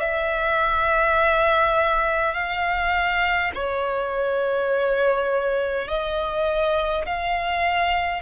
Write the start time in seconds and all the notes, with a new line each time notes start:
0.00 E5
2.34 F5
3.55 C#5
5.88 D#5
7.05 F5